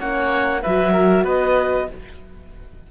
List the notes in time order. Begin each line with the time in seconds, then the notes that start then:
0.00 A#3 C#4 C#5 F#5
0.62 F#3 F#4 B4 E5
0.93 A#4
1.24 B3 B4 D#5